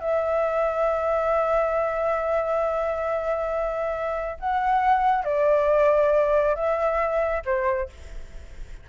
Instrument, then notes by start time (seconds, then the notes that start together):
flute
0.00 E5
4.40 F#5
5.24 D5
6.55 E5
7.45 C5